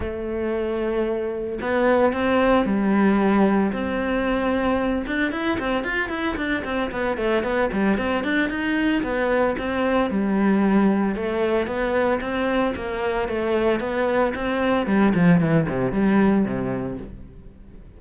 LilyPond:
\new Staff \with { instrumentName = "cello" } { \time 4/4 \tempo 4 = 113 a2. b4 | c'4 g2 c'4~ | c'4. d'8 e'8 c'8 f'8 e'8 | d'8 c'8 b8 a8 b8 g8 c'8 d'8 |
dis'4 b4 c'4 g4~ | g4 a4 b4 c'4 | ais4 a4 b4 c'4 | g8 f8 e8 c8 g4 c4 | }